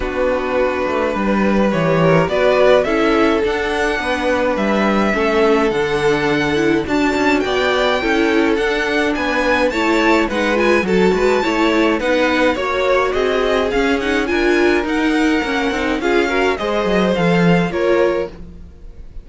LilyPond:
<<
  \new Staff \with { instrumentName = "violin" } { \time 4/4 \tempo 4 = 105 b'2. cis''4 | d''4 e''4 fis''2 | e''2 fis''2 | a''4 g''2 fis''4 |
gis''4 a''4 fis''8 gis''8 a''4~ | a''4 fis''4 cis''4 dis''4 | f''8 fis''8 gis''4 fis''2 | f''4 dis''4 f''4 cis''4 | }
  \new Staff \with { instrumentName = "violin" } { \time 4/4 fis'2 b'4. ais'8 | b'4 a'2 b'4~ | b'4 a'2. | d'4 d''4 a'2 |
b'4 cis''4 b'4 a'8 b'8 | cis''4 b'4 cis''4 gis'4~ | gis'4 ais'2. | gis'8 ais'8 c''2 ais'4 | }
  \new Staff \with { instrumentName = "viola" } { \time 4/4 d'2. g'4 | fis'4 e'4 d'2~ | d'4 cis'4 d'4. e'8 | fis'2 e'4 d'4~ |
d'4 e'4 dis'8 f'8 fis'4 | e'4 dis'4 fis'2 | cis'8 dis'8 f'4 dis'4 cis'8 dis'8 | f'8 fis'8 gis'4 a'4 f'4 | }
  \new Staff \with { instrumentName = "cello" } { \time 4/4 b4. a8 g4 e4 | b4 cis'4 d'4 b4 | g4 a4 d2 | d'8 cis'8 b4 cis'4 d'4 |
b4 a4 gis4 fis8 gis8 | a4 b4 ais4 c'4 | cis'4 d'4 dis'4 ais8 c'8 | cis'4 gis8 fis8 f4 ais4 | }
>>